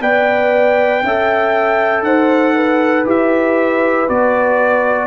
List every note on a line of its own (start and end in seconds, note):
0.00 1.02 B3
0.00 1.03 B4
0.00 1.03 D5
0.00 2.03 G5
1.03 2.02 C#4
1.03 3.05 A4
1.03 2.05 E5
2.02 3.04 D#4
2.02 2.55 C5
2.02 3.05 F#5
2.55 5.07 B4
3.05 4.07 E4
3.05 4.06 G4
3.05 4.09 E5
4.08 5.07 B3
4.08 5.07 F#4
4.08 5.07 D5